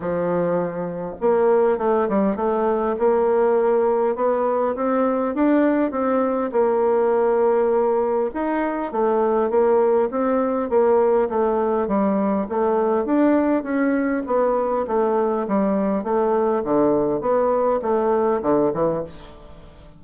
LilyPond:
\new Staff \with { instrumentName = "bassoon" } { \time 4/4 \tempo 4 = 101 f2 ais4 a8 g8 | a4 ais2 b4 | c'4 d'4 c'4 ais4~ | ais2 dis'4 a4 |
ais4 c'4 ais4 a4 | g4 a4 d'4 cis'4 | b4 a4 g4 a4 | d4 b4 a4 d8 e8 | }